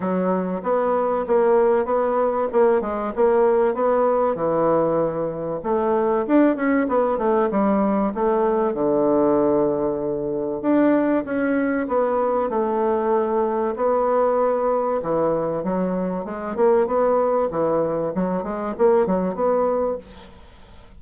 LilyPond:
\new Staff \with { instrumentName = "bassoon" } { \time 4/4 \tempo 4 = 96 fis4 b4 ais4 b4 | ais8 gis8 ais4 b4 e4~ | e4 a4 d'8 cis'8 b8 a8 | g4 a4 d2~ |
d4 d'4 cis'4 b4 | a2 b2 | e4 fis4 gis8 ais8 b4 | e4 fis8 gis8 ais8 fis8 b4 | }